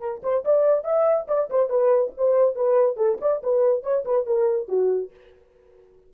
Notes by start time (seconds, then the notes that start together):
0.00 A#4
0.23 C5
0.45 D5
0.84 E5
1.28 D5
1.50 C5
1.70 B4
2.17 C5
2.56 B4
2.97 A4
3.21 D5
3.43 B4
3.83 C#5
4.05 B4
4.26 A#4
4.68 F#4